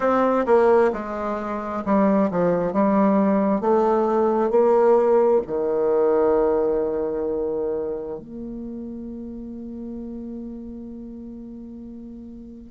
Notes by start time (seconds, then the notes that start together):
0.00 C4
0.45 A#3
0.93 G#3
1.85 G3
2.31 F3
2.73 G3
3.60 A3
4.50 A#3
5.47 D#3
8.19 A#3